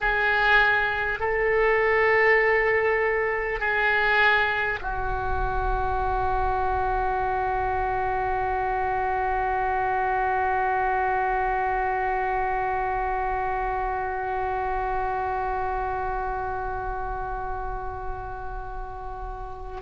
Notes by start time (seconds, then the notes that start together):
0.00 G#4
1.19 A4
3.59 G#4
4.81 F#4